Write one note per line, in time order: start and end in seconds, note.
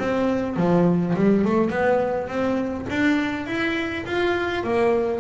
0.00 0.57 C4
0.57 1.15 F3
1.16 1.45 G3
1.45 1.71 A3
1.71 2.29 B3
2.29 2.87 C4
2.90 3.47 D4
3.47 4.05 E4
4.07 4.64 F4
4.64 5.21 A#3